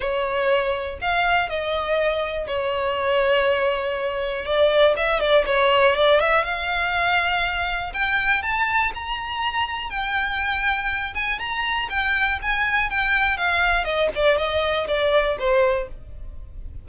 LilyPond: \new Staff \with { instrumentName = "violin" } { \time 4/4 \tempo 4 = 121 cis''2 f''4 dis''4~ | dis''4 cis''2.~ | cis''4 d''4 e''8 d''8 cis''4 | d''8 e''8 f''2. |
g''4 a''4 ais''2 | g''2~ g''8 gis''8 ais''4 | g''4 gis''4 g''4 f''4 | dis''8 d''8 dis''4 d''4 c''4 | }